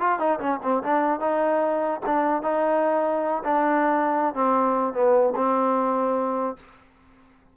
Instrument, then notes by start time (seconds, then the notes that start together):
trombone
0.00 F4
0.19 D#4
0.40 C#4
0.63 C4
0.83 D4
1.20 D#4
2.06 D4
2.43 D#4
3.44 D4
4.35 C4
4.94 B3
5.36 C4